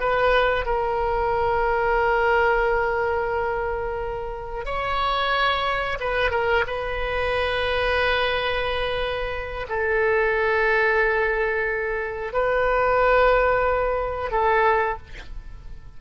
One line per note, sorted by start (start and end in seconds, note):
0.00 0.66 B4
0.66 4.65 A#4
4.65 5.98 C#5
6.00 6.31 B4
6.31 6.64 A#4
6.67 9.67 B4
9.68 12.33 A4
12.33 14.31 B4
14.31 14.98 A4